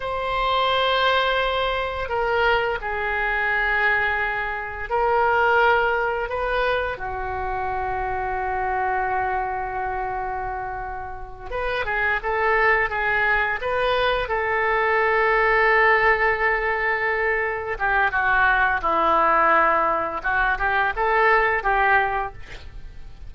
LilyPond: \new Staff \with { instrumentName = "oboe" } { \time 4/4 \tempo 4 = 86 c''2. ais'4 | gis'2. ais'4~ | ais'4 b'4 fis'2~ | fis'1~ |
fis'8 b'8 gis'8 a'4 gis'4 b'8~ | b'8 a'2.~ a'8~ | a'4. g'8 fis'4 e'4~ | e'4 fis'8 g'8 a'4 g'4 | }